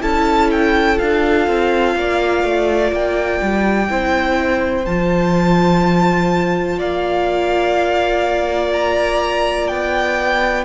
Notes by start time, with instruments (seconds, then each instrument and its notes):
0.00 cello C#4, viola E4, violin A4 A5
0.50 violin G5
0.97 cello D4, viola F4, violin F5
1.47 cello C4
1.95 cello A#3, violin D5
2.43 cello A3
2.92 cello A#3, violin G5
3.42 cello G3
3.87 cello C4, viola E4, violin C5
4.85 cello F3, viola F4, violin A5
6.77 cello A#3, violin D5 F5
8.72 violin A#5
9.67 cello B3, violin G5